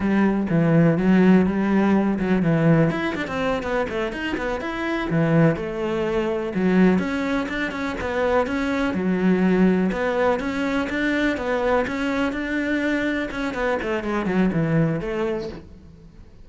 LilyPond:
\new Staff \with { instrumentName = "cello" } { \time 4/4 \tempo 4 = 124 g4 e4 fis4 g4~ | g8 fis8 e4 e'8 d'16 c'8. b8 | a8 dis'8 b8 e'4 e4 a8~ | a4. fis4 cis'4 d'8 |
cis'8 b4 cis'4 fis4.~ | fis8 b4 cis'4 d'4 b8~ | b8 cis'4 d'2 cis'8 | b8 a8 gis8 fis8 e4 a4 | }